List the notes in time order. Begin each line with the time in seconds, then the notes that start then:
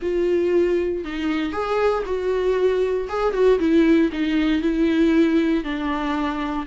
0.02 F4
1.04 D#4
1.52 G#4
2.05 F#4
3.08 G#4
3.33 F#4
3.59 E4
4.12 D#4
4.61 E4
5.63 D4